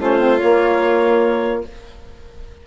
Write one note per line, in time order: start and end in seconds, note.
0.00 0.41 A3
0.00 0.19 C#4
0.00 1.65 F4
0.00 0.39 C5
0.19 0.39 C4
0.39 1.63 A#3
0.39 1.67 A#3
0.39 1.62 C#5